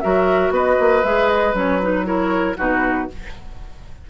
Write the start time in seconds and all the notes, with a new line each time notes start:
0.00 F#3 F#4 A#4 E5
0.50 B3 B4 D#5
0.79 A#3
1.03 G#3 G#4 E5
1.29 D#5
1.53 F#3 C#4 C#5
1.81 D#4 B4
2.04 E4 A#4 C#5
2.56 B2 D#4 F#4 B4